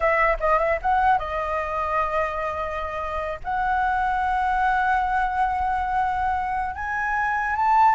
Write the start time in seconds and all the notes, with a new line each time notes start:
0.00 E5
0.40 D#5
0.58 E5
0.81 F#5
1.18 D#5
3.44 F#5
6.75 G#5
7.56 A5